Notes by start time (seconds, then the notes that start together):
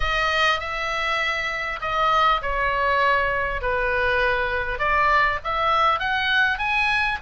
0.00 D#5
0.59 E5
1.81 D#5
2.42 C#5
3.61 B4
4.78 D5
5.44 E5
5.99 F#5
6.58 G#5